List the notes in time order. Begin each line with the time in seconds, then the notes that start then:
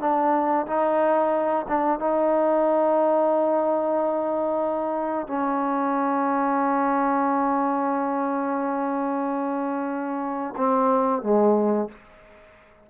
0.00 D4
0.66 D#4
1.68 D4
1.99 D#4
5.27 C#4
10.57 C4
11.22 G#3